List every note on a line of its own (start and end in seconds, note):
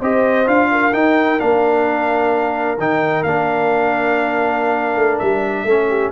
0.00 0.47 C4
0.00 0.46 G4
0.00 0.69 C5
0.00 0.48 D#5
0.46 0.93 D4
0.46 0.92 F4
0.46 0.93 F5
0.72 5.65 A#4
0.93 1.38 D#4
0.93 1.39 D#4
0.93 1.40 G5
1.38 2.78 A#3
1.38 2.77 D4
1.38 2.78 F5
2.78 3.23 D#3
2.78 3.26 D#4
2.78 3.23 G5
3.23 4.96 A#3
3.23 5.67 D4
3.23 5.19 F5
4.96 5.19 A3
5.19 5.64 G3
5.19 6.11 E5
5.64 6.10 A3
5.64 6.12 C#4
5.64 5.88 A4
5.89 6.12 G4